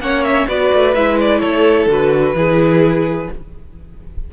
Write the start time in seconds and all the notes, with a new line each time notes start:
0.00 A#3 C#4 C#5 F#5
0.24 E5
0.48 B3 F#4 B4 D5
0.74 A3
0.94 G#3 E4 E5
1.21 D5
1.40 A3 A4 C#5
1.87 D3 F#4 B4
2.34 E3 E4 G#4